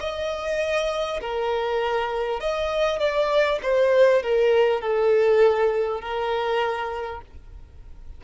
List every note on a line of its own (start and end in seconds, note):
0.00 1.20 D#5
1.21 2.40 A#4
2.40 2.99 D#5
2.99 3.59 D5
3.62 4.22 C5
4.22 4.81 A#4
4.81 6.01 A4
6.01 7.21 A#4